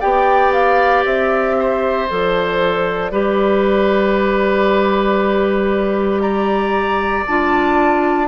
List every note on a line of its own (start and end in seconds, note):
0.00 1.05 B3
0.00 2.08 G4
0.00 1.55 D5
0.00 0.52 G5
0.52 1.04 F5
1.05 2.08 C4
1.05 2.08 E5
1.59 3.12 C5
2.08 3.11 F3
2.08 3.11 A4
2.08 6.20 D5
3.11 7.25 G3
3.11 7.25 G4
3.11 6.22 B4
6.20 8.27 D5
6.20 7.24 A#5
7.27 8.27 D4
7.27 8.27 F4
7.27 8.27 A5